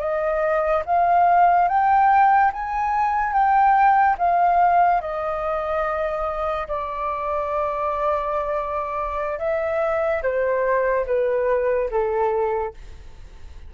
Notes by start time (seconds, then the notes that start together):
0.00 D#5
0.86 F5
1.69 G5
2.53 G#5
3.33 G5
4.19 F5
5.01 D#5
6.68 D5
9.39 E5
10.23 C5
11.06 B4
11.91 A4